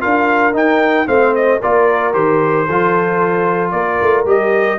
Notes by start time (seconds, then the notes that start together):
0.00 D4 F4 A#4 F5
0.53 D#4 G5
1.06 A3 C4 C5 F5
1.35 D#5
1.60 A#3 F4 A#4 D5
2.12 D#3 G4 C5
2.66 F3 F4 A4
3.71 A#3 A#4 D5
4.01 A3
4.25 G3 G4 D#5